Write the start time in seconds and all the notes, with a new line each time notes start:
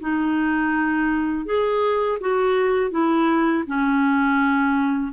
0.00 D#4
1.46 G#4
2.21 F#4
2.91 E4
3.67 C#4